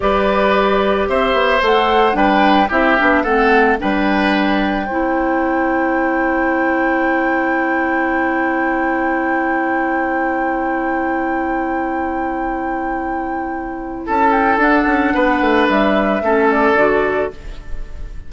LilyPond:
<<
  \new Staff \with { instrumentName = "flute" } { \time 4/4 \tempo 4 = 111 d''2 e''4 fis''4 | g''4 e''4 fis''4 g''4~ | g''1~ | g''1~ |
g''1~ | g''1~ | g''2 a''8 g''8 fis''4~ | fis''4 e''4. d''4. | }
  \new Staff \with { instrumentName = "oboe" } { \time 4/4 b'2 c''2 | b'4 g'4 a'4 b'4~ | b'4 c''2.~ | c''1~ |
c''1~ | c''1~ | c''2 a'2 | b'2 a'2 | }
  \new Staff \with { instrumentName = "clarinet" } { \time 4/4 g'2. a'4 | d'4 e'8 d'8 c'4 d'4~ | d'4 e'2.~ | e'1~ |
e'1~ | e'1~ | e'2. d'4~ | d'2 cis'4 fis'4 | }
  \new Staff \with { instrumentName = "bassoon" } { \time 4/4 g2 c'8 b8 a4 | g4 c'8 b8 a4 g4~ | g4 c'2.~ | c'1~ |
c'1~ | c'1~ | c'2 cis'4 d'8 cis'8 | b8 a8 g4 a4 d4 | }
>>